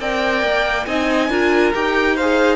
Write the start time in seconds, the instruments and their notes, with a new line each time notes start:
0.00 cello C4, viola A#4, violin D5 G5
0.43 cello A#3
0.86 cello C4, viola D#4, violin D#5 G#5
1.30 cello D4, viola F4, violin A#4
1.75 cello D#4, viola G4, violin G5
2.15 violin C5 F5
2.22 viola G#4